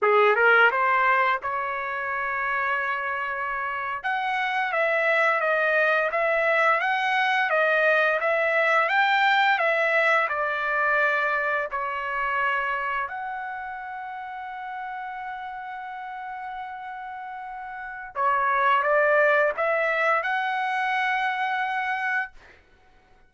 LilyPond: \new Staff \with { instrumentName = "trumpet" } { \time 4/4 \tempo 4 = 86 gis'8 ais'8 c''4 cis''2~ | cis''4.~ cis''16 fis''4 e''4 dis''16~ | dis''8. e''4 fis''4 dis''4 e''16~ | e''8. g''4 e''4 d''4~ d''16~ |
d''8. cis''2 fis''4~ fis''16~ | fis''1~ | fis''2 cis''4 d''4 | e''4 fis''2. | }